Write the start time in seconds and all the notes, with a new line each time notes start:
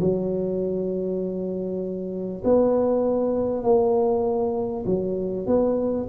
0.00 F#3
2.44 B3
3.63 A#3
4.86 F#3
5.46 B3